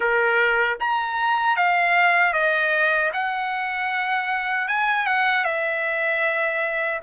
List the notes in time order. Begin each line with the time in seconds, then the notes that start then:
0.00 A#4
0.80 A#5
1.56 F5
2.33 D#5
3.13 F#5
4.68 G#5
5.06 F#5
5.44 E5